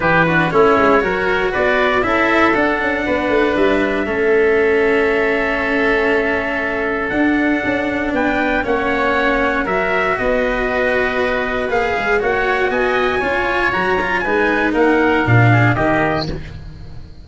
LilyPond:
<<
  \new Staff \with { instrumentName = "trumpet" } { \time 4/4 \tempo 4 = 118 b'4 cis''2 d''4 | e''4 fis''2 e''4~ | e''1~ | e''2 fis''2 |
g''4 fis''2 e''4 | dis''2. f''4 | fis''4 gis''2 ais''4 | gis''4 fis''4 f''4 dis''4 | }
  \new Staff \with { instrumentName = "oboe" } { \time 4/4 g'8 fis'8 e'4 ais'4 b'4 | a'2 b'2 | a'1~ | a'1 |
b'4 cis''2 ais'4 | b'1 | cis''4 dis''4 cis''2 | b'4 ais'4. gis'8 g'4 | }
  \new Staff \with { instrumentName = "cello" } { \time 4/4 e'8 d'8 cis'4 fis'2 | e'4 d'2. | cis'1~ | cis'2 d'2~ |
d'4 cis'2 fis'4~ | fis'2. gis'4 | fis'2 f'4 fis'8 f'8 | dis'2 d'4 ais4 | }
  \new Staff \with { instrumentName = "tuba" } { \time 4/4 e4 a8 gis8 fis4 b4 | cis'4 d'8 cis'8 b8 a8 g4 | a1~ | a2 d'4 cis'4 |
b4 ais2 fis4 | b2. ais8 gis8 | ais4 b4 cis'4 fis4 | gis4 ais4 ais,4 dis4 | }
>>